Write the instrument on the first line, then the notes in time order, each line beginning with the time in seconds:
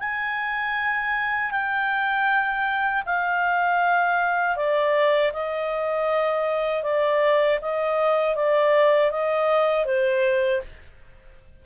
clarinet
0.00 G#5
1.52 G5
3.06 F5
4.57 D5
5.33 D#5
6.84 D5
7.62 D#5
8.36 D5
9.12 D#5
9.86 C5